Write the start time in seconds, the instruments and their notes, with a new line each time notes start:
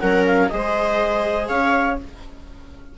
0.00 bassoon F#3, viola C#4 A#4, clarinet F#5
0.26 clarinet F5
0.49 bassoon G#3, viola G#4 C5, clarinet D#5
1.47 bassoon C#4, viola C#5, clarinet F5